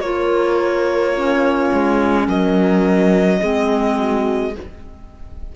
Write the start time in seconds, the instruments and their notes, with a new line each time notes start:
0.00 cello A#3, clarinet F4, horn A#4, violin C#5
1.12 clarinet C#4, horn F4
1.73 cello G#3
2.28 cello F#3, horn A#4, violin D#5
3.40 cello G#3, clarinet C4, horn G#4
3.99 horn F#4